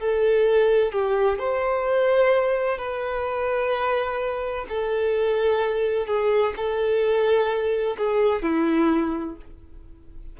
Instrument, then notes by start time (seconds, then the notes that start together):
violin
0.00 A4
0.92 G4
1.39 C5
2.78 B4
4.69 A4
6.07 G#4
6.57 A4
7.98 G#4
8.42 E4